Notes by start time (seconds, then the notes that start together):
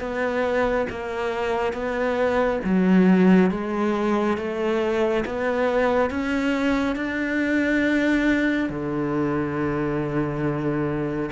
0.00 B3
0.90 A#3
1.73 B3
2.64 F#3
3.51 G#3
4.38 A3
5.26 B3
6.10 C#4
6.96 D4
8.70 D3